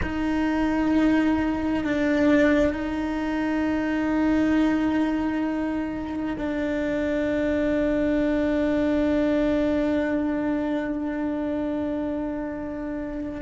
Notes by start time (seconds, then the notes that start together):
0.02 D#4
1.84 D4
2.73 D#4
6.37 D4